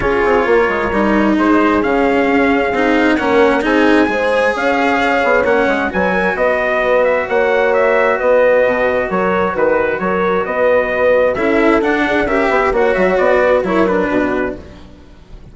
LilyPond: <<
  \new Staff \with { instrumentName = "trumpet" } { \time 4/4 \tempo 4 = 132 cis''2. c''4 | f''2. fis''4 | gis''2 f''2 | fis''4 gis''4 dis''4. e''8 |
fis''4 e''4 dis''2 | cis''4 b'4 cis''4 dis''4~ | dis''4 e''4 fis''4 e''4 | fis''8 e''8 d''4 cis''8 b'4. | }
  \new Staff \with { instrumentName = "horn" } { \time 4/4 gis'4 ais'2 gis'4~ | gis'2. ais'4 | gis'4 c''4 cis''2~ | cis''4 b'8 ais'8 b'2 |
cis''2 b'2 | ais'4 b'4 ais'4 b'4~ | b'4 a'4. gis'8 ais'8 b'8 | cis''4. b'8 ais'4 fis'4 | }
  \new Staff \with { instrumentName = "cello" } { \time 4/4 f'2 dis'2 | cis'2 dis'4 cis'4 | dis'4 gis'2. | cis'4 fis'2.~ |
fis'1~ | fis'1~ | fis'4 e'4 d'4 g'4 | fis'2 e'8 d'4. | }
  \new Staff \with { instrumentName = "bassoon" } { \time 4/4 cis'8 c'8 ais8 gis8 g4 gis4 | cis4 cis'4 c'4 ais4 | c'4 gis4 cis'4. b8 | ais8 gis8 fis4 b2 |
ais2 b4 b,4 | fis4 dis4 fis4 b4~ | b4 cis'4 d'4 cis'8 b8 | ais8 fis8 b4 fis4 b,4 | }
>>